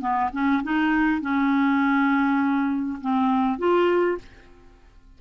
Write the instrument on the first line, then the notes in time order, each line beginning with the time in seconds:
clarinet
0.00 B3
0.33 C#4
0.63 D#4
1.21 C#4
3.01 C4
3.58 F4